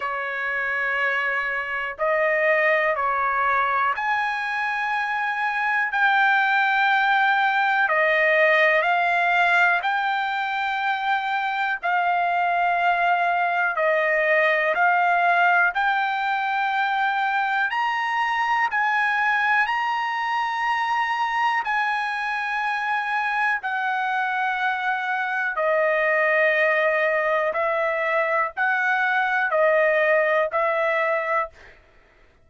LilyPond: \new Staff \with { instrumentName = "trumpet" } { \time 4/4 \tempo 4 = 61 cis''2 dis''4 cis''4 | gis''2 g''2 | dis''4 f''4 g''2 | f''2 dis''4 f''4 |
g''2 ais''4 gis''4 | ais''2 gis''2 | fis''2 dis''2 | e''4 fis''4 dis''4 e''4 | }